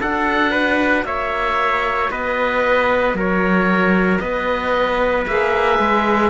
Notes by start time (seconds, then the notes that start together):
0.00 D4 F#4 A4 F#5
0.51 B4
1.04 A#3 C#5 E5
2.11 B3 B4 D#5
3.14 F#3 A#4 C#5
4.19 B3 B4 D#5
5.27 A#3 G#4 E5
5.79 G#3